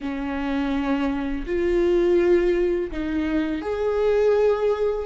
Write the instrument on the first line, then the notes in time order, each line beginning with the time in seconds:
viola
0.00 C#4
1.46 F4
2.91 D#4
3.61 G#4